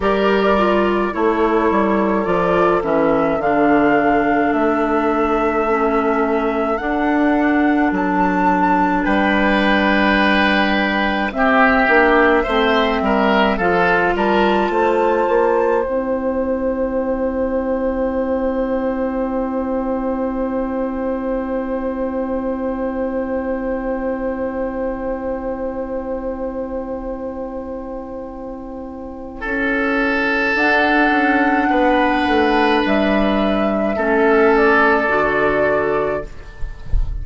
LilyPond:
<<
  \new Staff \with { instrumentName = "flute" } { \time 4/4 \tempo 4 = 53 d''4 cis''4 d''8 e''8 f''4 | e''2 fis''4 a''4 | g''2 e''2 | f''8 a''4. g''2~ |
g''1~ | g''1~ | g''2. fis''4~ | fis''4 e''4. d''4. | }
  \new Staff \with { instrumentName = "oboe" } { \time 4/4 ais'4 a'2.~ | a'1 | b'2 g'4 c''8 ais'8 | a'8 ais'8 c''2.~ |
c''1~ | c''1~ | c''2 a'2 | b'2 a'2 | }
  \new Staff \with { instrumentName = "clarinet" } { \time 4/4 g'8 f'8 e'4 f'8 cis'8 d'4~ | d'4 cis'4 d'2~ | d'2 c'8 d'8 c'4 | f'2 e'2~ |
e'1~ | e'1~ | e'2. d'4~ | d'2 cis'4 fis'4 | }
  \new Staff \with { instrumentName = "bassoon" } { \time 4/4 g4 a8 g8 f8 e8 d4 | a2 d'4 fis4 | g2 c'8 ais8 a8 g8 | f8 g8 a8 ais8 c'2~ |
c'1~ | c'1~ | c'2 cis'4 d'8 cis'8 | b8 a8 g4 a4 d4 | }
>>